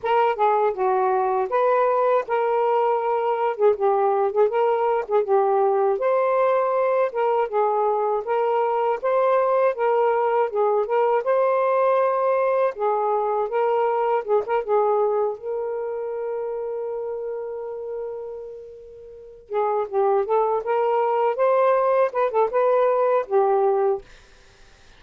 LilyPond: \new Staff \with { instrumentName = "saxophone" } { \time 4/4 \tempo 4 = 80 ais'8 gis'8 fis'4 b'4 ais'4~ | ais'8. gis'16 g'8. gis'16 ais'8. gis'16 g'4 | c''4. ais'8 gis'4 ais'4 | c''4 ais'4 gis'8 ais'8 c''4~ |
c''4 gis'4 ais'4 gis'16 ais'16 gis'8~ | gis'8 ais'2.~ ais'8~ | ais'2 gis'8 g'8 a'8 ais'8~ | ais'8 c''4 b'16 a'16 b'4 g'4 | }